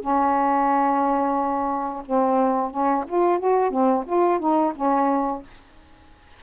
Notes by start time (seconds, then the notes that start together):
0.00 C#4
2.06 C4
2.70 C#4
3.08 F4
3.39 F#4
3.70 C4
4.06 F4
4.39 D#4
4.75 C#4